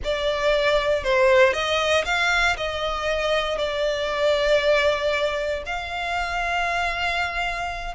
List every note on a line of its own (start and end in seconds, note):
0.03 1.03 D5
1.03 1.53 C5
1.53 2.04 D#5
2.05 2.56 F5
2.56 3.58 D#5
3.58 5.63 D5
5.65 7.94 F5